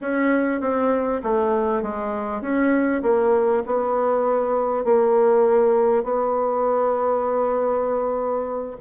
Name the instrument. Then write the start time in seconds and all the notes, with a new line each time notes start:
bassoon
0.01 C#4
0.61 C4
1.23 A3
1.82 G#3
2.41 C#4
3.02 A#3
3.66 B3
4.84 A#3
6.03 B3